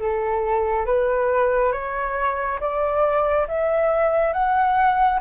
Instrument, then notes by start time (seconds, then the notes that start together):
flute
0.00 A4
0.86 B4
1.73 C#5
2.60 D5
3.48 E5
4.34 F#5